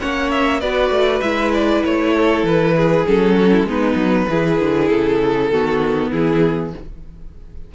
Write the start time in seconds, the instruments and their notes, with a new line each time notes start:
0.00 cello A#3, viola C#4, violin C#5 F#5
0.31 violin E5
0.60 cello B3, viola F#4, violin B4 D5
0.90 cello A3
1.20 cello G#3, viola E4, violin E5
1.54 violin D5
1.85 cello A3, violin C#5
2.14 violin A4
2.43 cello E3, violin B4
2.76 violin G#4
3.07 cello F#3, viola C#4, violin A4
3.35 violin F#4
3.52 violin E4
3.64 cello G#3, viola B3, violin D#4 B4
3.95 cello F#3
4.29 cello E3, viola E4, violin G#4
4.60 cello D3
4.89 cello C#3, violin A4
5.50 cello D#3, viola B3, violin F#4
6.10 cello E3, violin E4 G#4